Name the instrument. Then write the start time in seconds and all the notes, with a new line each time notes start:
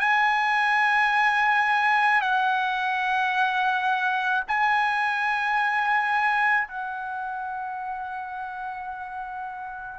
trumpet
0.00 G#5
2.22 F#5
4.48 G#5
6.68 F#5